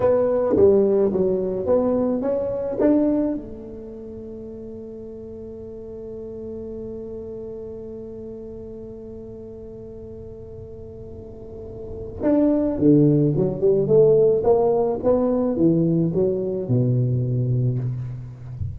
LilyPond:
\new Staff \with { instrumentName = "tuba" } { \time 4/4 \tempo 4 = 108 b4 g4 fis4 b4 | cis'4 d'4 a2~ | a1~ | a1~ |
a1~ | a2 d'4 d4 | fis8 g8 a4 ais4 b4 | e4 fis4 b,2 | }